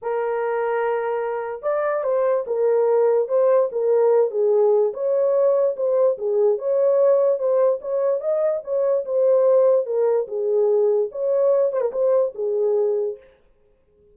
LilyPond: \new Staff \with { instrumentName = "horn" } { \time 4/4 \tempo 4 = 146 ais'1 | d''4 c''4 ais'2 | c''4 ais'4. gis'4. | cis''2 c''4 gis'4 |
cis''2 c''4 cis''4 | dis''4 cis''4 c''2 | ais'4 gis'2 cis''4~ | cis''8 c''16 ais'16 c''4 gis'2 | }